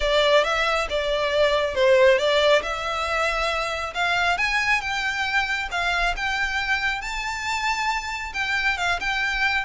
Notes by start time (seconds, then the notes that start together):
0.00 D5
0.44 E5
0.89 D5
1.75 C5
2.18 D5
2.62 E5
3.94 F5
4.37 G#5
4.81 G5
5.71 F5
6.16 G5
7.01 A5
8.33 G5
8.77 F5
9.00 G5